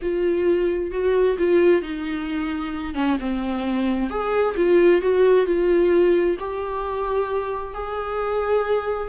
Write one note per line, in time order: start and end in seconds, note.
0.01 0.91 F4
0.91 1.36 F#4
1.38 1.81 F4
1.81 2.94 D#4
2.94 3.17 C#4
3.19 4.10 C4
4.10 4.55 G#4
4.56 5.01 F4
5.01 5.46 F#4
5.46 6.37 F4
6.39 7.74 G4
7.74 9.08 G#4